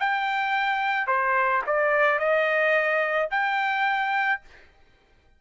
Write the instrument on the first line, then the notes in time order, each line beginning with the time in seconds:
trumpet
0.00 G5
1.07 C5
1.67 D5
2.19 D#5
3.31 G5